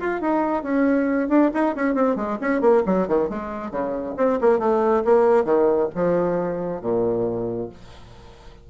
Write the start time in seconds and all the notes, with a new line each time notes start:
0.00 F4
0.21 D#4
0.63 C#4
1.29 D4
1.54 D#4
1.76 C#4
1.95 C4
2.16 G#3
2.41 C#4
2.61 A#3
2.86 F#3
3.08 D#3
3.30 G#3
3.71 C#3
4.18 C4
4.41 A#3
4.59 A3
5.05 A#3
5.45 D#3
5.95 F3
6.82 A#2